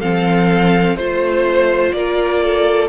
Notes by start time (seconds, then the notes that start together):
0.00 F3 C4 A4 F5
0.96 A3 F4 C5
1.92 A#3 A#4 D5
2.43 A4